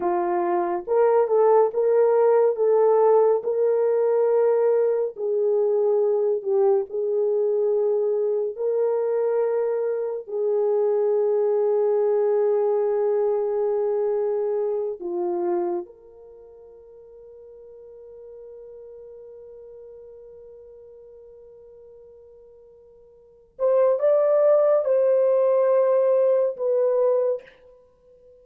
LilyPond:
\new Staff \with { instrumentName = "horn" } { \time 4/4 \tempo 4 = 70 f'4 ais'8 a'8 ais'4 a'4 | ais'2 gis'4. g'8 | gis'2 ais'2 | gis'1~ |
gis'4. f'4 ais'4.~ | ais'1~ | ais'2.~ ais'8 c''8 | d''4 c''2 b'4 | }